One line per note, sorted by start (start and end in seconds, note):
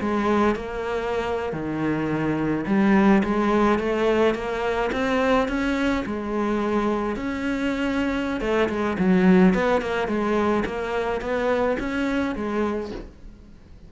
0.00 0.55 G#3
0.55 1.53 A#3
1.53 2.65 D#3
2.67 3.23 G3
3.23 3.79 G#3
3.79 4.35 A3
4.35 4.91 A#3
4.92 5.48 C4
5.48 6.04 C#4
6.06 7.16 G#3
7.16 8.41 C#4
8.41 8.69 A3
8.69 8.97 G#3
8.98 9.54 F#3
9.54 9.81 B3
9.81 10.08 A#3
10.08 10.64 G#3
10.65 11.21 A#3
11.21 11.77 B3
11.79 12.35 C#4
12.35 12.91 G#3